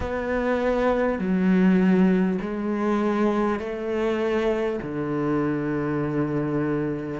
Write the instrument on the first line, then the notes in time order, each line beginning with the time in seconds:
cello
0.00 B3
1.18 F#3
2.41 G#3
3.59 A3
4.82 D3